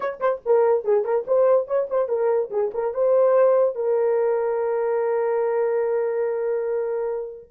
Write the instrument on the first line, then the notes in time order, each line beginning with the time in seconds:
horn
0.00 C#5
0.20 C5
0.45 A#4
0.84 G#4
1.04 A#4
1.27 C5
1.67 C#5
1.90 C5
2.08 A#4
2.50 G#4
2.74 A#4
2.94 C5
3.75 A#4